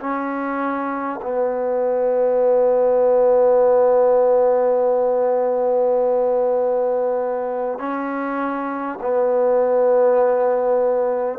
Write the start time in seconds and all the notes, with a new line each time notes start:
0.00 C#4
1.22 B3
7.78 C#4
9.01 B3